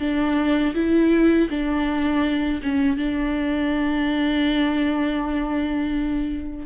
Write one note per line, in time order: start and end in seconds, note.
0.00 0.74 D4
0.75 1.49 E4
1.50 2.61 D4
2.63 2.97 C#4
2.97 6.66 D4